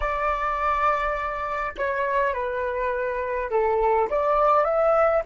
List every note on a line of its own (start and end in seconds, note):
0.00 1.73 D5
1.77 2.33 C#5
2.33 3.50 B4
3.50 4.08 A4
4.09 4.64 D5
4.64 5.22 E5